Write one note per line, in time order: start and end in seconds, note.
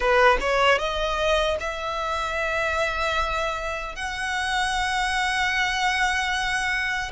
0.00 0.37 B4
0.40 0.78 C#5
0.78 1.57 D#5
1.60 3.95 E5
3.95 7.11 F#5